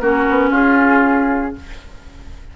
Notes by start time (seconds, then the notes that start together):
0.00 A#3 C#4 F#4 A#4
0.30 B3
0.50 C#4 F4 G#4